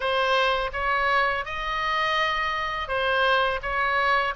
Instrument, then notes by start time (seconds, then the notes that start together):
oboe
0.00 C5
0.73 C#5
1.45 D#5
2.88 C5
3.62 C#5